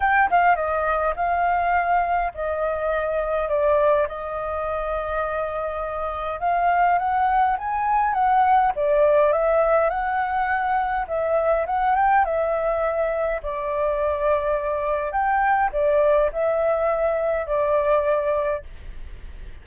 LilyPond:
\new Staff \with { instrumentName = "flute" } { \time 4/4 \tempo 4 = 103 g''8 f''8 dis''4 f''2 | dis''2 d''4 dis''4~ | dis''2. f''4 | fis''4 gis''4 fis''4 d''4 |
e''4 fis''2 e''4 | fis''8 g''8 e''2 d''4~ | d''2 g''4 d''4 | e''2 d''2 | }